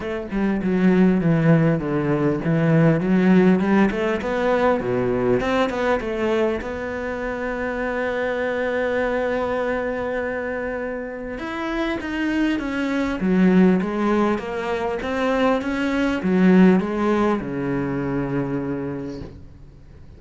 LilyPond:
\new Staff \with { instrumentName = "cello" } { \time 4/4 \tempo 4 = 100 a8 g8 fis4 e4 d4 | e4 fis4 g8 a8 b4 | b,4 c'8 b8 a4 b4~ | b1~ |
b2. e'4 | dis'4 cis'4 fis4 gis4 | ais4 c'4 cis'4 fis4 | gis4 cis2. | }